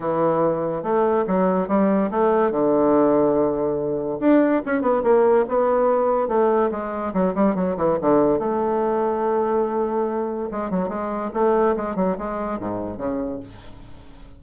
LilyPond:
\new Staff \with { instrumentName = "bassoon" } { \time 4/4 \tempo 4 = 143 e2 a4 fis4 | g4 a4 d2~ | d2 d'4 cis'8 b8 | ais4 b2 a4 |
gis4 fis8 g8 fis8 e8 d4 | a1~ | a4 gis8 fis8 gis4 a4 | gis8 fis8 gis4 gis,4 cis4 | }